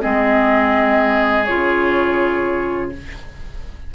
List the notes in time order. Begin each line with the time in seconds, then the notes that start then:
0.00 G#3 C4 G#4 D#5
1.45 C#3 F4 C#5